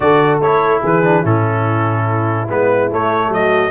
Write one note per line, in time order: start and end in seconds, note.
0.00 0.39 D3
0.00 0.41 F#4
0.00 0.80 A4
0.00 0.39 D5
0.39 0.80 A3
0.39 1.02 E4
0.39 0.83 C#5
0.80 1.24 E3
0.80 1.22 G#4
0.80 1.25 B4
1.02 1.23 D4
1.22 2.48 A2
1.22 2.47 C#4
1.22 3.29 E4
1.22 2.49 A4
2.48 2.90 G#3
2.48 2.90 B3
2.48 2.91 B4
2.91 3.29 A3
2.91 3.71 A3
2.91 3.33 C#5
3.29 3.70 F#3
3.29 3.71 F#4
3.29 3.71 D#5